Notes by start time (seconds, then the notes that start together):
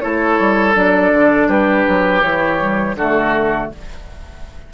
0.00 A3 E4 A4 C#5
0.39 G3
0.73 F#3 D4 D5
1.12 D3
1.48 G3 G4 B4
1.88 F#3
2.22 E3 E4 C#5
2.58 G3
2.95 D3 A3 F#4 A4